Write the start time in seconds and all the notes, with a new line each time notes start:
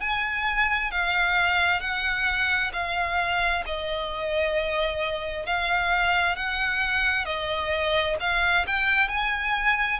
0.00 G#5
0.91 F5
1.80 F#5
2.73 F5
3.66 D#5
5.46 F5
6.36 F#5
7.25 D#5
8.20 F5
8.67 G5
9.08 G#5